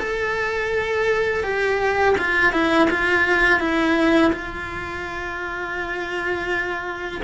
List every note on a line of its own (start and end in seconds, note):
0.00 1.44 A4
1.44 2.16 G4
2.18 2.53 F4
2.53 2.89 E4
2.90 3.60 F4
3.60 4.32 E4
4.33 7.22 F4